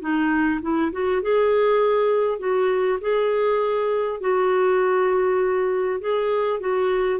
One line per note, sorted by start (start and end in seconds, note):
0.00 0.60 D#4
0.61 0.91 E4
0.92 1.22 F#4
1.22 2.38 G#4
2.38 2.98 F#4
3.00 4.20 G#4
4.20 6.00 F#4
6.00 6.60 G#4
6.60 7.19 F#4